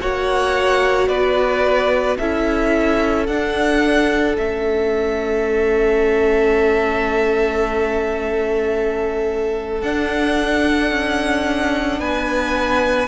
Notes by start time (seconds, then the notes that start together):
0.00 A#3 F#4 C#5 F#5
1.08 B3 B4 D5
2.17 C#4 E4 A4 E5
3.26 D4 F#5
4.36 A3 C#4 E5
9.81 D4 F#5
10.90 C#4
11.99 B3 B4 G#5